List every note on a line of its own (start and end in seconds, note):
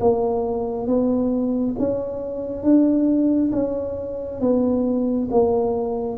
0.00 0.87 A#3
0.87 1.75 B3
1.78 2.62 C#4
2.62 3.51 D4
3.52 4.40 C#4
4.40 5.28 B3
5.31 6.17 A#3